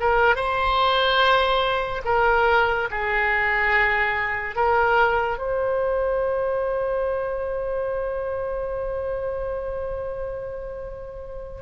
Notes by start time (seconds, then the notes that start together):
0.00 A#4
0.35 C5
2.05 A#4
2.91 G#4
4.55 A#4
5.38 C5